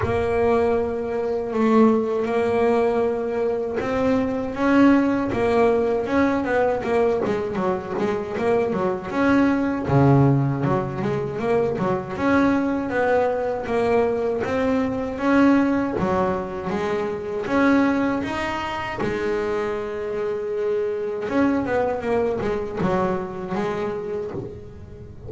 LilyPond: \new Staff \with { instrumentName = "double bass" } { \time 4/4 \tempo 4 = 79 ais2 a4 ais4~ | ais4 c'4 cis'4 ais4 | cis'8 b8 ais8 gis8 fis8 gis8 ais8 fis8 | cis'4 cis4 fis8 gis8 ais8 fis8 |
cis'4 b4 ais4 c'4 | cis'4 fis4 gis4 cis'4 | dis'4 gis2. | cis'8 b8 ais8 gis8 fis4 gis4 | }